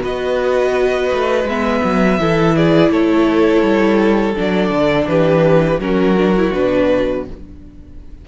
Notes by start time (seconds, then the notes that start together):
0.00 B3 F#4 B4 D#5
1.13 A3
1.44 G#3 B3 E5
1.84 F#3
2.19 E3 E4 A4
2.56 G#4 D5
2.90 A3 A4 C#5
3.62 G3
4.35 F#3 D4 D5
4.71 D3
5.08 E3 G4 B4
5.78 F#3 C#4 F#4 A#4
6.18 D4
6.36 E4
6.53 B2 D4 B4